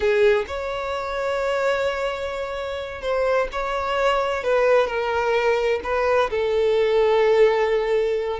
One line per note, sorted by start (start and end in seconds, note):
0.00 0.45 G#4
0.47 3.01 C#5
3.01 3.48 C5
3.52 4.43 C#5
4.43 4.87 B4
4.87 5.80 A#4
5.83 6.30 B4
6.30 8.39 A4